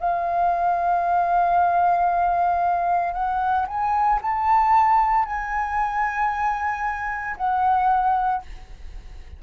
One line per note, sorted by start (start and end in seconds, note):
0.00 3.14 F5
3.14 3.67 F#5
3.67 4.20 G#5
4.22 5.26 A5
5.26 7.36 G#5
7.37 8.43 F#5